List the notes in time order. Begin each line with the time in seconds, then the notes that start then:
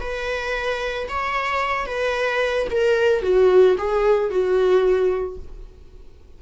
0.00 B4
1.08 C#5
1.86 B4
2.71 A#4
3.22 F#4
3.78 G#4
4.30 F#4